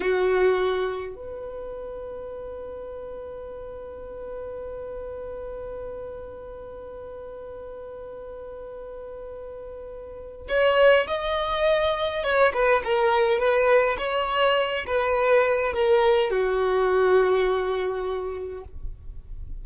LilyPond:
\new Staff \with { instrumentName = "violin" } { \time 4/4 \tempo 4 = 103 fis'2 b'2~ | b'1~ | b'1~ | b'1~ |
b'2 cis''4 dis''4~ | dis''4 cis''8 b'8 ais'4 b'4 | cis''4. b'4. ais'4 | fis'1 | }